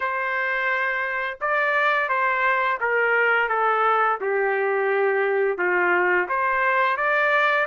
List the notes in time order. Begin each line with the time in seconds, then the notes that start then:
0.00 C5
1.40 D5
2.08 C5
2.80 A#4
3.49 A4
4.21 G4
5.58 F4
6.28 C5
6.96 D5